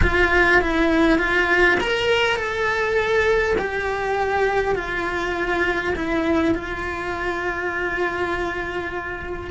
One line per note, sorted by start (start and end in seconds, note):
0.02 0.61 F4
0.61 1.18 E4
1.18 1.77 F4
1.80 2.36 A#4
2.36 3.55 A4
3.58 4.75 G4
4.75 5.94 F4
5.95 6.54 E4
6.54 9.50 F4